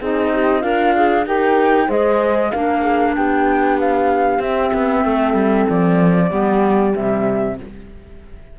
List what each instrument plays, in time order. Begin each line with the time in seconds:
0.00 cello C4, clarinet D#4, horn G#4, flute D#5
0.32 horn G4
0.60 cello D4, horn F4, clarinet A#4, flute F5
0.95 clarinet G#4
1.26 cello D#4, clarinet G4, horn A#4, flute G5
1.87 cello G#3, clarinet G#4, horn C5, flute D#5
2.51 cello A#3, clarinet D4, horn A#4, flute F5
2.81 horn G#4
3.16 cello B3, horn G4, flute G5
3.79 flute F5
4.38 cello C4, clarinet C4, flute E5
4.73 cello B3
5.05 cello A3, horn A4
5.34 cello G3
5.69 cello F3, flute D5
6.29 cello G3, clarinet B3, horn G4
6.92 cello C3, clarinet G3, flute E5